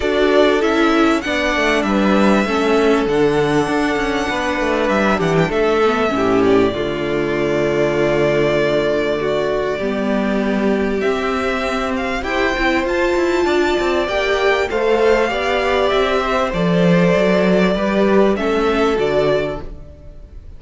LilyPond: <<
  \new Staff \with { instrumentName = "violin" } { \time 4/4 \tempo 4 = 98 d''4 e''4 fis''4 e''4~ | e''4 fis''2. | e''8 fis''16 g''16 e''4. d''4.~ | d''1~ |
d''2 e''4. f''8 | g''4 a''2 g''4 | f''2 e''4 d''4~ | d''2 e''4 d''4 | }
  \new Staff \with { instrumentName = "violin" } { \time 4/4 a'2 d''4 b'4 | a'2. b'4~ | b'8 g'8 a'4 g'4 f'4~ | f'2. fis'4 |
g'1 | c''2 d''2 | c''4 d''4. c''4.~ | c''4 b'4 a'2 | }
  \new Staff \with { instrumentName = "viola" } { \time 4/4 fis'4 e'4 d'2 | cis'4 d'2.~ | d'4. b8 cis'4 a4~ | a1 |
b2 c'2 | g'8 e'8 f'2 g'4 | a'4 g'2 a'4~ | a'4 g'4 cis'4 fis'4 | }
  \new Staff \with { instrumentName = "cello" } { \time 4/4 d'4 cis'4 b8 a8 g4 | a4 d4 d'8 cis'8 b8 a8 | g8 e8 a4 a,4 d4~ | d1 |
g2 c'2 | e'8 c'8 f'8 e'8 d'8 c'8 ais4 | a4 b4 c'4 f4 | fis4 g4 a4 d4 | }
>>